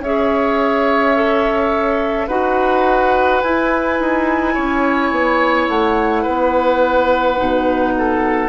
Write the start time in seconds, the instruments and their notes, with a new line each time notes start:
0.00 bassoon C#4, clarinet G#4, oboe C#5, flute E5
1.16 clarinet A4
2.28 bassoon D#4, clarinet F#4, oboe B4, flute F#5
3.42 bassoon E4, clarinet E4, flute G#5
4.00 bassoon D#4
4.54 bassoon C#4, oboe C#5
5.12 bassoon B3
5.69 bassoon A3, flute F#5
6.23 bassoon B3, oboe B4
7.37 bassoon B2, clarinet D#4
7.98 oboe A4